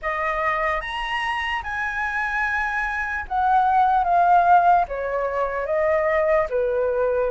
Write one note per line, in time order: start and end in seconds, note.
0.02 0.81 D#5
0.81 1.62 A#5
1.63 3.25 G#5
3.28 4.04 F#5
4.04 4.85 F5
4.88 5.65 C#5
5.65 6.46 D#5
6.49 7.30 B4